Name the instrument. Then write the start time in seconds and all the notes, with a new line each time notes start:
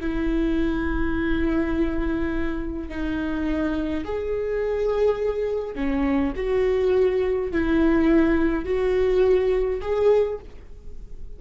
viola
0.00 E4
2.88 D#4
4.04 G#4
5.75 C#4
6.36 F#4
7.51 E4
8.65 F#4
9.81 G#4